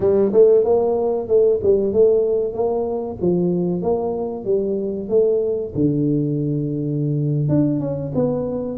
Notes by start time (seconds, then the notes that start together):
0.00 G3
0.32 A3
0.64 A#3
1.28 A3
1.62 G3
1.92 A3
2.53 A#3
3.21 F3
3.82 A#3
4.44 G3
5.08 A3
5.74 D3
7.49 D4
7.80 C#4
8.14 B3